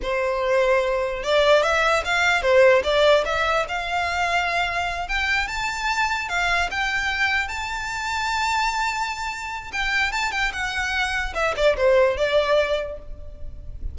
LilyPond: \new Staff \with { instrumentName = "violin" } { \time 4/4 \tempo 4 = 148 c''2. d''4 | e''4 f''4 c''4 d''4 | e''4 f''2.~ | f''8 g''4 a''2 f''8~ |
f''8 g''2 a''4.~ | a''1 | g''4 a''8 g''8 fis''2 | e''8 d''8 c''4 d''2 | }